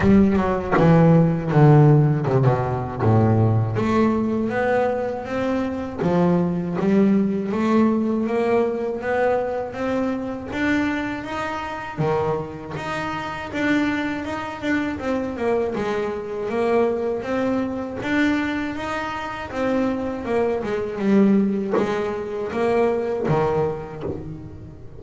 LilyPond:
\new Staff \with { instrumentName = "double bass" } { \time 4/4 \tempo 4 = 80 g8 fis8 e4 d4 c16 b,8. | a,4 a4 b4 c'4 | f4 g4 a4 ais4 | b4 c'4 d'4 dis'4 |
dis4 dis'4 d'4 dis'8 d'8 | c'8 ais8 gis4 ais4 c'4 | d'4 dis'4 c'4 ais8 gis8 | g4 gis4 ais4 dis4 | }